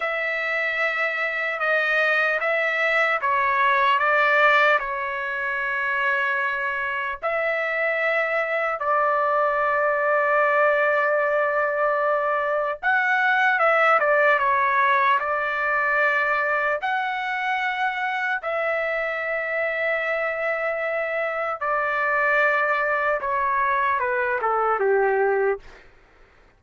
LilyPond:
\new Staff \with { instrumentName = "trumpet" } { \time 4/4 \tempo 4 = 75 e''2 dis''4 e''4 | cis''4 d''4 cis''2~ | cis''4 e''2 d''4~ | d''1 |
fis''4 e''8 d''8 cis''4 d''4~ | d''4 fis''2 e''4~ | e''2. d''4~ | d''4 cis''4 b'8 a'8 g'4 | }